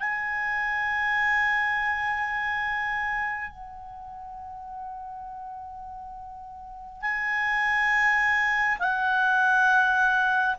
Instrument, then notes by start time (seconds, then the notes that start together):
clarinet
0.00 G#5
3.51 F#5
7.02 G#5
8.80 F#5